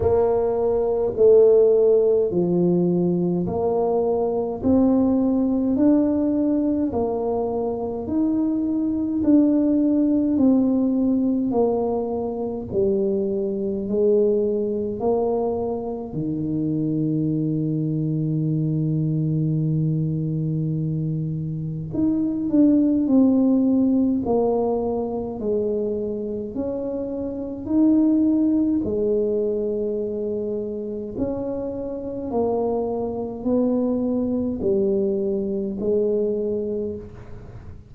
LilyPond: \new Staff \with { instrumentName = "tuba" } { \time 4/4 \tempo 4 = 52 ais4 a4 f4 ais4 | c'4 d'4 ais4 dis'4 | d'4 c'4 ais4 g4 | gis4 ais4 dis2~ |
dis2. dis'8 d'8 | c'4 ais4 gis4 cis'4 | dis'4 gis2 cis'4 | ais4 b4 g4 gis4 | }